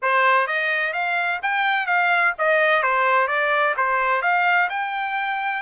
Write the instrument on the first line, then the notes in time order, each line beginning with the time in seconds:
trumpet
0.02 C5
0.47 D#5
0.93 F5
1.42 G5
1.86 F5
2.38 D#5
2.82 C5
3.27 D5
3.76 C5
4.22 F5
4.69 G5